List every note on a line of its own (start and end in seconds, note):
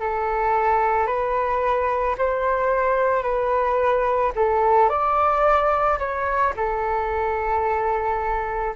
0.00 1.07 A4
1.07 2.16 B4
2.18 3.23 C5
3.23 4.32 B4
4.35 4.89 A4
4.89 5.99 D5
5.99 6.53 C#5
6.56 8.74 A4